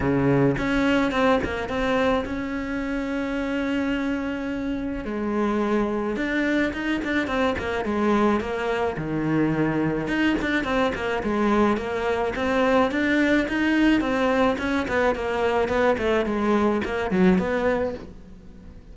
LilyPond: \new Staff \with { instrumentName = "cello" } { \time 4/4 \tempo 4 = 107 cis4 cis'4 c'8 ais8 c'4 | cis'1~ | cis'4 gis2 d'4 | dis'8 d'8 c'8 ais8 gis4 ais4 |
dis2 dis'8 d'8 c'8 ais8 | gis4 ais4 c'4 d'4 | dis'4 c'4 cis'8 b8 ais4 | b8 a8 gis4 ais8 fis8 b4 | }